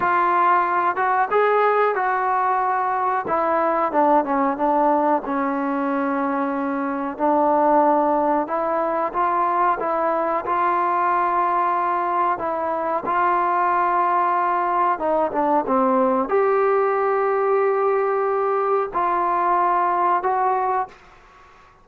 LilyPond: \new Staff \with { instrumentName = "trombone" } { \time 4/4 \tempo 4 = 92 f'4. fis'8 gis'4 fis'4~ | fis'4 e'4 d'8 cis'8 d'4 | cis'2. d'4~ | d'4 e'4 f'4 e'4 |
f'2. e'4 | f'2. dis'8 d'8 | c'4 g'2.~ | g'4 f'2 fis'4 | }